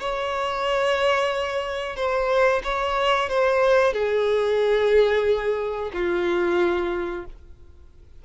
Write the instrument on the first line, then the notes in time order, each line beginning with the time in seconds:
violin
0.00 C#5
1.96 C5
2.64 C#5
3.29 C5
3.93 G#4
5.93 F4